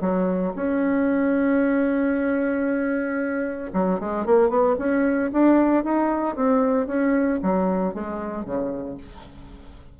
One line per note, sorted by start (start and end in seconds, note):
0.00 0.53 F#3
0.55 3.71 C#4
3.73 3.99 F#3
4.00 4.25 G#3
4.25 4.49 A#3
4.49 4.75 B3
4.78 5.31 C#4
5.32 5.83 D4
5.83 6.35 D#4
6.35 6.87 C4
6.87 7.39 C#4
7.42 7.94 F#3
7.94 8.44 G#3
8.44 8.97 C#3